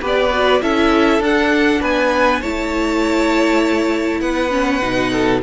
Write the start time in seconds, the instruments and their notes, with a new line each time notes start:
0.00 cello B3, viola G4, violin B4
0.07 violin D5
0.32 viola F#4
0.61 cello C#4, viola E4, violin A4 E5
1.19 cello D4, viola D4, violin F#5
1.80 cello B3, violin B4 G#5
2.40 cello A3, viola E4, violin C#5 A5
4.20 cello B3, violin B4 F#5
4.50 viola C#4
4.81 cello B2, viola D#4
5.11 violin A4